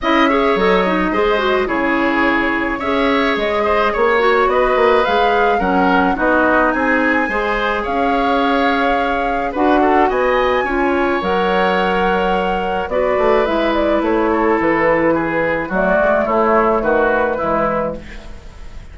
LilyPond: <<
  \new Staff \with { instrumentName = "flute" } { \time 4/4 \tempo 4 = 107 e''4 dis''2 cis''4~ | cis''4 e''4 dis''4 cis''4 | dis''4 f''4 fis''4 dis''4 | gis''2 f''2~ |
f''4 fis''4 gis''2 | fis''2. d''4 | e''8 d''8 cis''4 b'2 | d''4 cis''4 b'2 | }
  \new Staff \with { instrumentName = "oboe" } { \time 4/4 dis''8 cis''4. c''4 gis'4~ | gis'4 cis''4. c''8 cis''4 | b'2 ais'4 fis'4 | gis'4 c''4 cis''2~ |
cis''4 b'8 a'8 dis''4 cis''4~ | cis''2. b'4~ | b'4. a'4. gis'4 | fis'4 e'4 fis'4 e'4 | }
  \new Staff \with { instrumentName = "clarinet" } { \time 4/4 e'8 gis'8 a'8 dis'8 gis'8 fis'8 e'4~ | e'4 gis'2~ gis'8 fis'8~ | fis'4 gis'4 cis'4 dis'4~ | dis'4 gis'2.~ |
gis'4 fis'2 f'4 | ais'2. fis'4 | e'1 | a2. gis4 | }
  \new Staff \with { instrumentName = "bassoon" } { \time 4/4 cis'4 fis4 gis4 cis4~ | cis4 cis'4 gis4 ais4 | b8 ais8 gis4 fis4 b4 | c'4 gis4 cis'2~ |
cis'4 d'4 b4 cis'4 | fis2. b8 a8 | gis4 a4 e2 | fis8 gis8 a4 dis4 e4 | }
>>